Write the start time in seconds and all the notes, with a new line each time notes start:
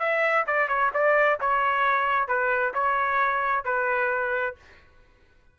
0.00 E5
0.47 D5
0.69 C#5
0.94 D5
1.40 C#5
2.28 B4
2.74 C#5
3.65 B4